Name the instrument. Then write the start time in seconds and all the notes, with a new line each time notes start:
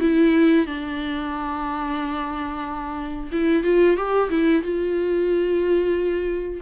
viola
0.00 E4
0.66 D4
3.32 E4
3.63 F4
3.96 G4
4.29 E4
4.62 F4